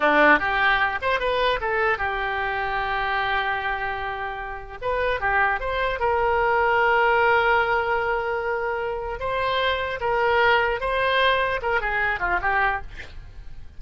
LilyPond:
\new Staff \with { instrumentName = "oboe" } { \time 4/4 \tempo 4 = 150 d'4 g'4. c''8 b'4 | a'4 g'2.~ | g'1 | b'4 g'4 c''4 ais'4~ |
ais'1~ | ais'2. c''4~ | c''4 ais'2 c''4~ | c''4 ais'8 gis'4 f'8 g'4 | }